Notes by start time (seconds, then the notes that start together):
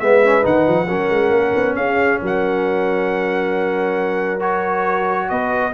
0.00 G#3 B3 B4 E5
0.24 C#4
0.42 D#3 D#4 F#5
0.67 F3
0.88 F#3 C#4 A#4
1.10 G#3
1.31 A#3
1.56 B3
1.75 C#4 G#4 F5
2.22 F#3 A#4 F#5
4.40 F#4 C#5
5.29 B3 B4 D#5